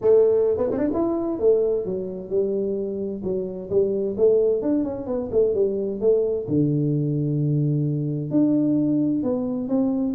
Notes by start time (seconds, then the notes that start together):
0.01 A3
0.57 B3
0.71 C4
0.77 D4
0.93 E4
1.39 A3
1.85 F#3
2.29 G3
3.23 F#3
3.69 G3
4.17 A3
4.62 D4
4.84 C#4
5.06 B3
5.31 A3
5.54 G3
6.00 A3
6.48 D3
8.30 D4
9.23 B3
9.68 C4